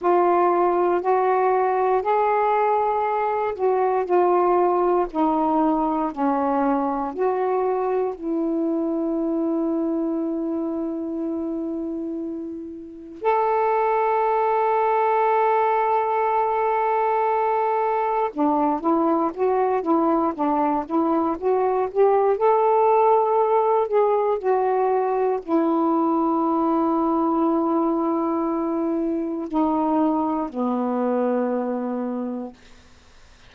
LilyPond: \new Staff \with { instrumentName = "saxophone" } { \time 4/4 \tempo 4 = 59 f'4 fis'4 gis'4. fis'8 | f'4 dis'4 cis'4 fis'4 | e'1~ | e'4 a'2.~ |
a'2 d'8 e'8 fis'8 e'8 | d'8 e'8 fis'8 g'8 a'4. gis'8 | fis'4 e'2.~ | e'4 dis'4 b2 | }